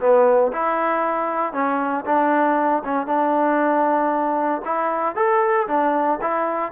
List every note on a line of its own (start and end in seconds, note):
0.00 0.52 B3
0.53 1.53 E4
1.53 2.05 C#4
2.05 2.83 D4
2.84 3.07 C#4
3.07 4.62 D4
4.65 5.15 E4
5.15 5.67 A4
5.68 6.19 D4
6.21 6.72 E4